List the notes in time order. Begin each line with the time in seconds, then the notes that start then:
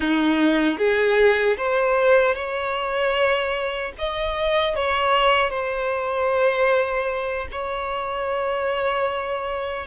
0.00 D#4
0.78 G#4
1.57 C5
2.34 C#5
3.98 D#5
4.75 C#5
5.49 C5
7.51 C#5